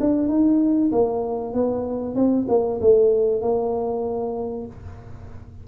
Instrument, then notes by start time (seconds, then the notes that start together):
tuba
0.00 D4
0.29 D#4
0.91 A#3
1.54 B3
2.15 C4
2.49 A#3
2.81 A3
3.41 A#3